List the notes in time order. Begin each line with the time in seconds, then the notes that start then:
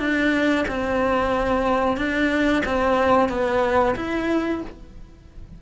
0.00 D4
0.68 C4
1.98 D4
2.66 C4
3.30 B3
3.96 E4